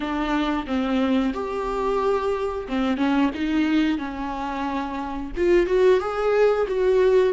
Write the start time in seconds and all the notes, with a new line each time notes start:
0.00 D4
0.66 C4
1.33 G4
2.68 C4
2.97 C#4
3.34 D#4
3.98 C#4
5.37 F4
5.66 F#4
6.00 G#4
6.67 F#4